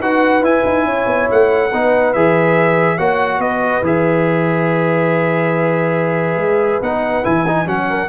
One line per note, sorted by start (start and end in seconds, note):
0.00 0.42 D#4
0.00 0.43 F#4
0.00 0.87 B4
0.00 0.45 F#5
0.42 0.63 E4
0.42 1.71 E4
0.42 1.30 G#5
0.66 0.85 D#4
0.85 1.06 C#4
0.85 1.71 C#5
1.07 1.28 B3
1.31 1.73 A3
1.31 2.14 F#5
1.71 2.15 B3
1.71 2.16 D#4
1.71 2.98 B4
2.14 2.99 E3
2.14 2.99 G#4
2.14 2.99 E5
2.98 3.39 A#3
2.98 3.84 F#4
2.98 3.40 C#5
2.98 3.41 F#5
3.39 3.82 B3
3.39 7.87 B4
3.39 3.84 D#5
3.83 6.37 E3
3.83 6.82 G#4
3.83 6.83 E5
6.37 6.80 G#3
6.82 7.24 B3
6.82 7.25 D#4
6.82 7.25 F#5
7.25 7.66 E3
7.25 7.46 E4
7.25 7.68 G#5
7.48 7.67 D#4
7.66 8.09 F#3
7.66 8.09 C#4
7.66 8.09 F#5
7.90 8.09 A#4